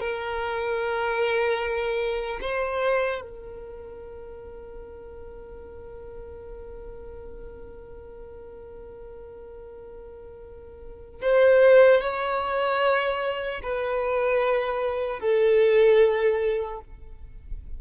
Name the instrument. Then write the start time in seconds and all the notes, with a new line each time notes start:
violin
0.00 A#4
2.41 C5
3.21 A#4
11.21 C5
12.01 C#5
13.63 B4
15.20 A4